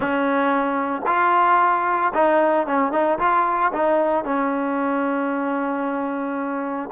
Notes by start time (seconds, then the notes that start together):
0.00 C#4
1.06 F4
2.14 D#4
2.66 C#4
2.92 D#4
3.19 F4
3.72 D#4
4.24 C#4